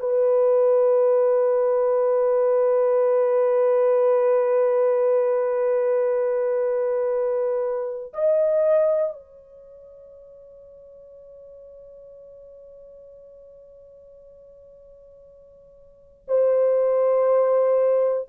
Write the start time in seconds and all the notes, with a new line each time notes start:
0.00 B4
8.14 D#5
9.13 C#5
16.28 C5